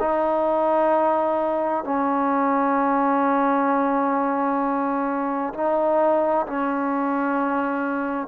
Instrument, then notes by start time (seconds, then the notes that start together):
trombone
0.00 D#4
1.85 C#4
5.54 D#4
6.47 C#4